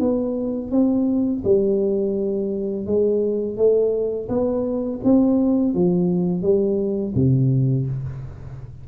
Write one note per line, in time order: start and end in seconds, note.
0.00 0.71 B3
0.71 1.43 C4
1.44 2.86 G3
2.86 3.57 G#3
3.57 4.29 A3
4.29 5.00 B3
5.04 5.75 C4
5.75 6.42 F3
6.42 7.14 G3
7.15 7.87 C3